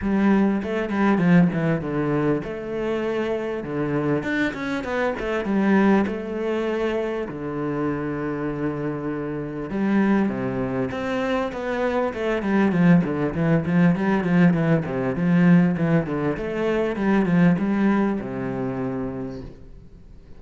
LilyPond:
\new Staff \with { instrumentName = "cello" } { \time 4/4 \tempo 4 = 99 g4 a8 g8 f8 e8 d4 | a2 d4 d'8 cis'8 | b8 a8 g4 a2 | d1 |
g4 c4 c'4 b4 | a8 g8 f8 d8 e8 f8 g8 f8 | e8 c8 f4 e8 d8 a4 | g8 f8 g4 c2 | }